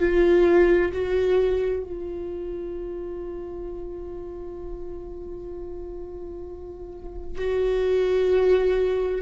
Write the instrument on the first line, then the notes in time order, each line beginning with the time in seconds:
viola
0.00 F4
0.93 F#4
1.84 F4
7.38 F#4